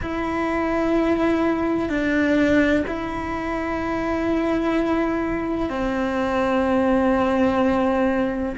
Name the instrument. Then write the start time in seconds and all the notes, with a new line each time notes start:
cello
0.02 E4
1.89 D4
2.87 E4
5.69 C4